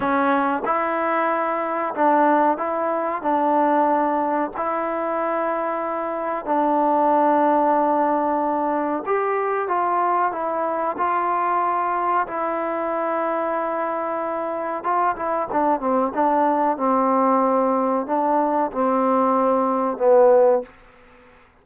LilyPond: \new Staff \with { instrumentName = "trombone" } { \time 4/4 \tempo 4 = 93 cis'4 e'2 d'4 | e'4 d'2 e'4~ | e'2 d'2~ | d'2 g'4 f'4 |
e'4 f'2 e'4~ | e'2. f'8 e'8 | d'8 c'8 d'4 c'2 | d'4 c'2 b4 | }